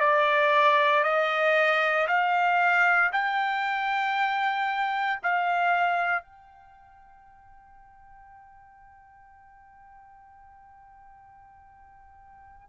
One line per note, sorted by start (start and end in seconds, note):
0.00 1.03 D5
1.03 2.07 D#5
2.08 3.11 F5
3.12 5.19 G5
5.23 6.23 F5
6.23 12.69 G5